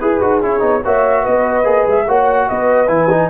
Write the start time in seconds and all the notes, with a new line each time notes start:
0.00 E4 G#4 B4
0.21 D#4 F#4
0.42 C#4 E4 C#5
0.60 B3 D#4
0.83 A#3 F#4 C#5 E5
1.22 B3 B4 D#5
1.64 A#3 G#4
1.87 G#3 E5
2.07 A#3 F#4 C#5 F#5
2.49 B3 B4 D#5
2.87 E3 E4 G#5
3.10 D#4